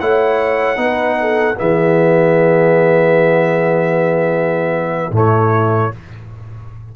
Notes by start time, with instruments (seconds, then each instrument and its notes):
0.00 tuba A3, trombone E4, horn C#5, trumpet F#5
0.76 tuba B3, trombone D#4, horn B4
1.20 horn A4
1.56 tuba E3, trombone B3, horn G#4, trumpet E5
5.11 tuba A2, trombone A3, horn E4, trumpet C#5